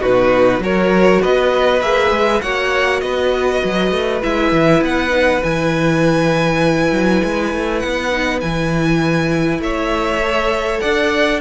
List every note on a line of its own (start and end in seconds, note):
0.00 0.59 B2
0.00 0.61 D#4
0.00 0.60 F#4
0.00 0.63 B4
0.59 1.19 F#3
0.59 1.82 F#4
0.59 1.21 A#4
0.59 1.23 C#5
1.21 1.81 B3
1.21 2.41 B4
1.21 1.82 D#5
1.81 2.10 A#3
1.81 2.42 G#4
1.81 2.41 E5
2.10 2.41 G#3
2.41 3.02 A#3
2.41 4.22 F#4
2.41 3.02 C#5
2.41 3.00 F#5
3.00 3.62 B3
3.00 9.62 B4
3.00 4.20 D#5
3.64 3.91 F#3
3.91 4.21 A3
4.22 4.52 G#3
4.22 5.10 E4
4.22 4.83 E5
4.52 4.81 E3
4.81 5.41 B3
4.81 5.43 F#5
5.10 5.40 D#4
5.43 6.92 E3
5.43 8.11 E4
5.43 7.79 G#5
6.92 7.22 F#3
7.24 7.53 G#3
7.53 7.83 A3
7.79 8.42 B3
7.79 8.39 F#5
8.11 8.41 D#4
8.40 9.59 E3
8.40 10.22 E4
8.40 9.61 G#5
9.59 10.79 A3
9.59 10.81 C#5
9.59 10.80 E5
10.22 11.41 A4
10.80 11.41 D4
10.80 11.41 D5
10.80 11.40 F#5